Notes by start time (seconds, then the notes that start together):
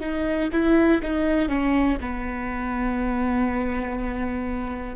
0.00 D#4
0.52 E4
1.02 D#4
1.48 C#4
2.00 B3